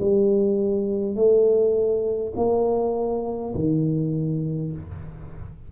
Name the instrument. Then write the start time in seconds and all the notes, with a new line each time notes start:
tuba
0.00 G3
1.16 A3
2.36 A#3
3.55 D#3